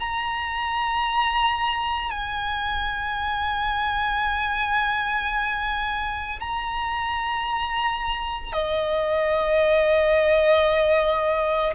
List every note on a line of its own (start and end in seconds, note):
0.00 2.11 A#5
2.11 6.39 G#5
6.40 8.53 A#5
8.53 11.74 D#5